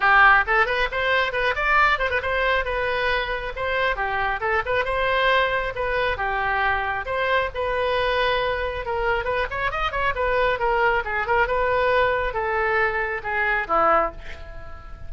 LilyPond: \new Staff \with { instrumentName = "oboe" } { \time 4/4 \tempo 4 = 136 g'4 a'8 b'8 c''4 b'8 d''8~ | d''8 c''16 b'16 c''4 b'2 | c''4 g'4 a'8 b'8 c''4~ | c''4 b'4 g'2 |
c''4 b'2. | ais'4 b'8 cis''8 dis''8 cis''8 b'4 | ais'4 gis'8 ais'8 b'2 | a'2 gis'4 e'4 | }